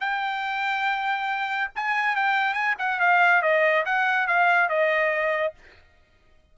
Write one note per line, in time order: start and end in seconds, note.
0.00 1.70 G5
1.75 2.15 G#5
2.15 2.54 G5
2.54 2.75 G#5
2.78 3.00 F#5
3.00 3.42 F5
3.42 3.85 D#5
3.85 4.27 F#5
4.27 4.69 F5
4.69 5.54 D#5